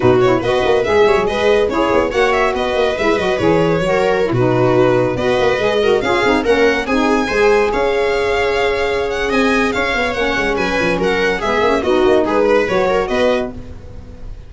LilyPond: <<
  \new Staff \with { instrumentName = "violin" } { \time 4/4 \tempo 4 = 142 b'8 cis''8 dis''4 e''4 dis''4 | cis''4 fis''8 e''8 dis''4 e''8 dis''8 | cis''2~ cis''16 b'4.~ b'16~ | b'16 dis''2 f''4 fis''8.~ |
fis''16 gis''2 f''4.~ f''16~ | f''4. fis''8 gis''4 f''4 | fis''4 gis''4 fis''4 e''4 | dis''4 b'4 cis''4 dis''4 | }
  \new Staff \with { instrumentName = "viola" } { \time 4/4 fis'4 b'4. cis''8 b'4 | gis'4 cis''4 b'2~ | b'4~ b'16 ais'4 fis'4.~ fis'16~ | fis'16 b'4. ais'8 gis'4 ais'8.~ |
ais'16 gis'4 c''4 cis''4.~ cis''16~ | cis''2 dis''4 cis''4~ | cis''4 b'4 ais'4 gis'4 | fis'4 gis'8 b'4 ais'8 b'4 | }
  \new Staff \with { instrumentName = "saxophone" } { \time 4/4 dis'8 e'8 fis'4 gis'2 | e'4 fis'2 e'8 fis'8 | gis'4 fis'4 e'16 dis'4.~ dis'16~ | dis'16 fis'4 gis'8 fis'8 f'8 dis'8 cis'8.~ |
cis'16 dis'4 gis'2~ gis'8.~ | gis'1 | cis'2. b8 cis'8 | dis'2 fis'2 | }
  \new Staff \with { instrumentName = "tuba" } { \time 4/4 b,4 b8 ais8 gis8 g16 fis16 gis4 | cis'8 b8 ais4 b8 ais8 gis8 fis8 | e4 fis4~ fis16 b,4.~ b,16~ | b,16 b8 ais8 gis4 cis'8 c'8 ais8.~ |
ais16 c'4 gis4 cis'4.~ cis'16~ | cis'2 c'4 cis'8 b8 | ais8 gis8 fis8 f8 fis4 gis8 ais8 | b8 ais8 gis4 fis4 b4 | }
>>